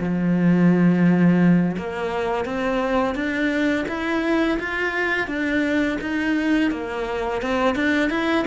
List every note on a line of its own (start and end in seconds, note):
0.00 1.76 F3
1.78 2.45 A#3
2.45 3.15 C4
3.15 3.86 D4
3.88 4.59 E4
4.59 5.27 F4
5.27 5.98 D4
6.01 6.71 D#4
6.71 7.42 A#3
7.42 7.76 C4
7.76 8.10 D4
8.10 8.45 E4